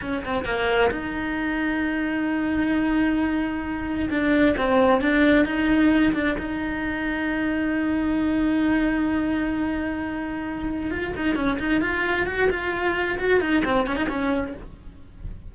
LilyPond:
\new Staff \with { instrumentName = "cello" } { \time 4/4 \tempo 4 = 132 cis'8 c'8 ais4 dis'2~ | dis'1~ | dis'4 d'4 c'4 d'4 | dis'4. d'8 dis'2~ |
dis'1~ | dis'1 | f'8 dis'8 cis'8 dis'8 f'4 fis'8 f'8~ | f'4 fis'8 dis'8 c'8 cis'16 dis'16 cis'4 | }